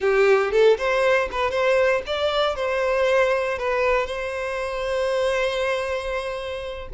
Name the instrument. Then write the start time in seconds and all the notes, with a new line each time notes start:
violin
0.00 G4
0.51 A4
0.77 C5
1.31 B4
1.50 C5
2.06 D5
2.55 C5
3.58 B4
4.06 C5